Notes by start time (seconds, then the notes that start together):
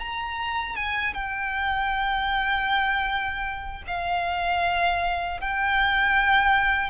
0.00 A#5
0.76 G#5
1.14 G5
3.87 F5
5.41 G5